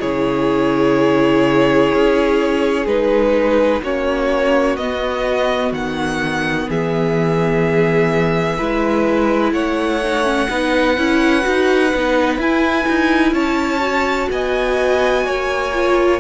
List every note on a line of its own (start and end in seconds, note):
0.00 1.93 C#3
0.00 2.87 E4
0.00 3.81 G#4
0.00 2.87 C#5
1.94 2.86 C#4
2.86 3.81 G#3
2.86 3.82 D#4
2.86 3.82 B4
3.82 4.77 A#3
3.82 4.79 C#4
3.82 6.68 F#4
3.82 4.77 C#5
4.77 5.72 B3
4.77 8.59 B3
4.77 5.72 D#5
5.72 6.67 D#3
5.72 6.69 F#5
6.68 8.60 E3
6.68 8.58 G#4
6.68 9.53 E5
8.58 9.52 G#3
8.58 10.02 E4
8.58 9.53 B4
9.52 10.48 A3
9.52 10.49 C#5
9.52 12.38 F#5
10.04 10.24 D#4
10.24 10.48 C#4
10.50 10.97 B3
10.50 10.96 D#4
10.50 13.33 B4
10.96 11.45 C#4
10.96 11.42 E4
11.42 11.94 D#4
11.42 11.89 F#4
11.94 12.38 B3
11.94 12.40 D#4
12.38 12.86 E4
12.38 13.80 E4
12.38 13.34 G#5
12.89 13.32 D#4
13.32 14.28 C#4
13.32 14.29 C#5
13.32 14.29 A5
13.80 15.70 F#4
14.31 15.26 B3
14.31 15.26 D#5
14.31 16.20 G#5
15.26 16.20 A#3
15.26 16.20 C#5
15.73 16.20 F4